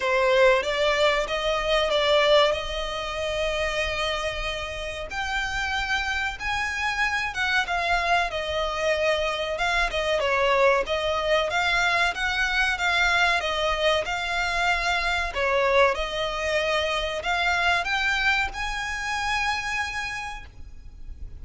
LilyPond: \new Staff \with { instrumentName = "violin" } { \time 4/4 \tempo 4 = 94 c''4 d''4 dis''4 d''4 | dis''1 | g''2 gis''4. fis''8 | f''4 dis''2 f''8 dis''8 |
cis''4 dis''4 f''4 fis''4 | f''4 dis''4 f''2 | cis''4 dis''2 f''4 | g''4 gis''2. | }